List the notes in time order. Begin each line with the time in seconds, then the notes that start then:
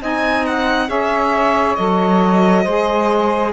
0.00 C4 D#4 D#5 G#5
0.45 F#5
0.88 C#4 G#4 C#5 E5
1.75 F#3 A4 D#5
2.63 G#3 G#4 C5